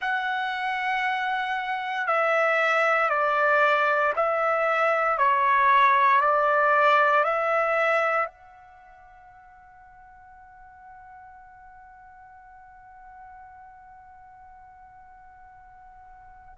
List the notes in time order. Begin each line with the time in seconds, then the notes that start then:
0.00 F#5
2.07 E5
3.09 D5
4.16 E5
5.18 C#5
6.20 D5
7.24 E5
8.25 F#5